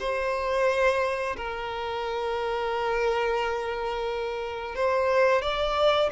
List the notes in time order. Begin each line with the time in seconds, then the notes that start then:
0.00 C5
1.37 A#4
4.75 C5
5.42 D5